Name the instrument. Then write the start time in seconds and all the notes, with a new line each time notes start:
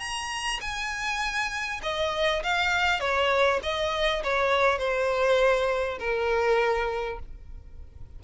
violin
0.00 A#5
0.61 G#5
1.83 D#5
2.44 F5
3.00 C#5
3.63 D#5
4.24 C#5
4.79 C5
6.00 A#4